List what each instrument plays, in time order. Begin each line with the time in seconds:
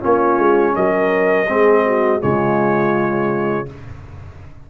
0.00 tuba A#3, trombone C#4, horn F4, trumpet C#5
0.38 tuba G#3
0.76 tuba F#3, horn A#4, trumpet D#5
1.48 tuba G#3, trombone C4, horn G#4
1.86 horn F#4
2.20 tuba C#3, trombone G#3, horn F4, trumpet C#5